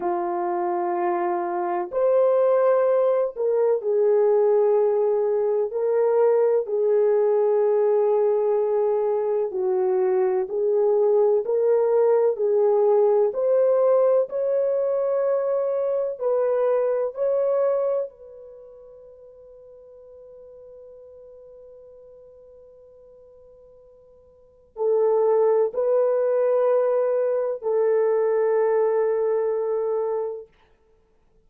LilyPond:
\new Staff \with { instrumentName = "horn" } { \time 4/4 \tempo 4 = 63 f'2 c''4. ais'8 | gis'2 ais'4 gis'4~ | gis'2 fis'4 gis'4 | ais'4 gis'4 c''4 cis''4~ |
cis''4 b'4 cis''4 b'4~ | b'1~ | b'2 a'4 b'4~ | b'4 a'2. | }